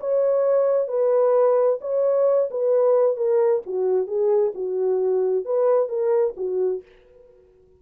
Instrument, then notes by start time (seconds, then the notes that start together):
horn
0.00 C#5
0.88 B4
1.81 C#5
2.50 B4
3.17 A#4
3.66 F#4
4.07 G#4
4.54 F#4
5.45 B4
5.88 A#4
6.36 F#4